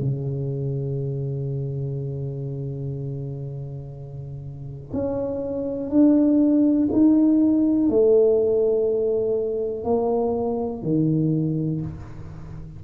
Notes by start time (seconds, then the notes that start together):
0.00 C#3
4.93 C#4
5.91 D4
6.93 D#4
7.90 A3
9.85 A#3
10.83 D#3